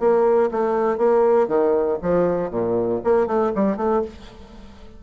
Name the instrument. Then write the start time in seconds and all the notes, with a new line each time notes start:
bassoon
0.00 A#3
0.52 A3
0.98 A#3
1.48 D#3
2.02 F3
2.51 A#2
3.05 A#3
3.27 A3
3.56 G3
3.77 A3